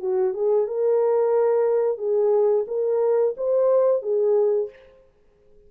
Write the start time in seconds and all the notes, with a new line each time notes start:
0.00 F#4
0.34 G#4
0.67 A#4
1.98 G#4
2.68 A#4
3.37 C5
4.02 G#4